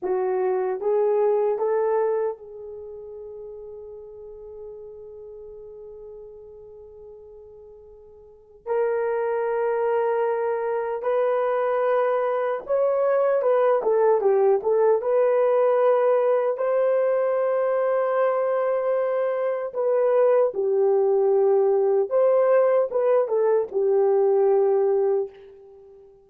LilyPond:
\new Staff \with { instrumentName = "horn" } { \time 4/4 \tempo 4 = 76 fis'4 gis'4 a'4 gis'4~ | gis'1~ | gis'2. ais'4~ | ais'2 b'2 |
cis''4 b'8 a'8 g'8 a'8 b'4~ | b'4 c''2.~ | c''4 b'4 g'2 | c''4 b'8 a'8 g'2 | }